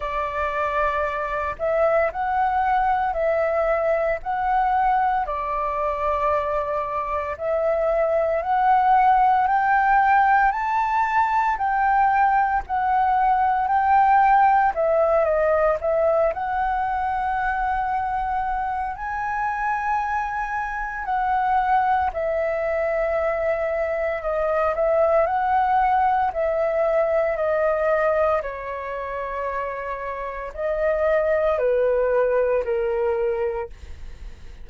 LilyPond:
\new Staff \with { instrumentName = "flute" } { \time 4/4 \tempo 4 = 57 d''4. e''8 fis''4 e''4 | fis''4 d''2 e''4 | fis''4 g''4 a''4 g''4 | fis''4 g''4 e''8 dis''8 e''8 fis''8~ |
fis''2 gis''2 | fis''4 e''2 dis''8 e''8 | fis''4 e''4 dis''4 cis''4~ | cis''4 dis''4 b'4 ais'4 | }